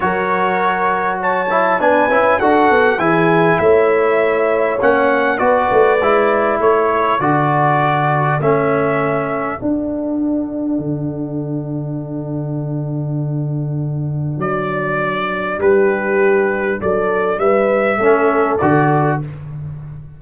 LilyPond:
<<
  \new Staff \with { instrumentName = "trumpet" } { \time 4/4 \tempo 4 = 100 cis''2 a''4 gis''4 | fis''4 gis''4 e''2 | fis''4 d''2 cis''4 | d''2 e''2 |
fis''1~ | fis''1 | d''2 b'2 | d''4 e''2 d''4 | }
  \new Staff \with { instrumentName = "horn" } { \time 4/4 ais'2 cis''4 b'4 | a'4 gis'4 cis''2~ | cis''4 b'2 a'4~ | a'1~ |
a'1~ | a'1~ | a'2 g'2 | a'4 b'4 a'2 | }
  \new Staff \with { instrumentName = "trombone" } { \time 4/4 fis'2~ fis'8 e'8 d'8 e'8 | fis'4 e'2. | cis'4 fis'4 e'2 | fis'2 cis'2 |
d'1~ | d'1~ | d'1~ | d'2 cis'4 fis'4 | }
  \new Staff \with { instrumentName = "tuba" } { \time 4/4 fis2. b8 cis'8 | d'8 b8 e4 a2 | ais4 b8 a8 gis4 a4 | d2 a2 |
d'2 d2~ | d1 | fis2 g2 | fis4 g4 a4 d4 | }
>>